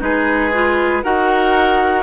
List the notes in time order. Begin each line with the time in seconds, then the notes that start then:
0.00 G#3 D#4 G#4 B4
0.54 F4
1.03 D#4 F#4 A#4 F#5